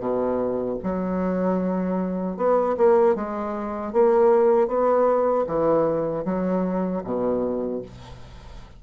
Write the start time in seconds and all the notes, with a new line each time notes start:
0.00 B2
0.84 F#3
2.37 B3
2.78 A#3
3.15 G#3
3.93 A#3
4.68 B3
5.47 E3
6.25 F#3
7.04 B2